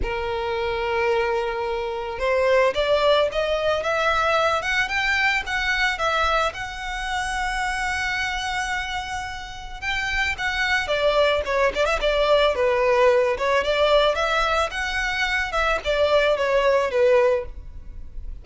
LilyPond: \new Staff \with { instrumentName = "violin" } { \time 4/4 \tempo 4 = 110 ais'1 | c''4 d''4 dis''4 e''4~ | e''8 fis''8 g''4 fis''4 e''4 | fis''1~ |
fis''2 g''4 fis''4 | d''4 cis''8 d''16 e''16 d''4 b'4~ | b'8 cis''8 d''4 e''4 fis''4~ | fis''8 e''8 d''4 cis''4 b'4 | }